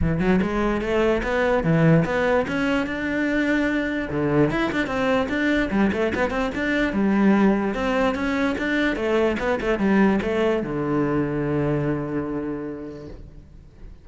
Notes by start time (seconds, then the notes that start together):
0.01 E3
0.19 F#3
0.42 G#3
0.81 A3
1.23 B3
1.63 E3
2.05 B3
2.47 C#4
2.86 D4
4.10 D3
4.50 E4
4.71 D4
4.86 C4
5.28 D4
5.71 G3
5.92 A3
6.14 B3
6.30 C4
6.54 D4
6.93 G3
7.74 C4
8.14 C#4
8.58 D4
8.96 A3
9.39 B3
9.60 A3
9.78 G3
10.22 A3
10.63 D3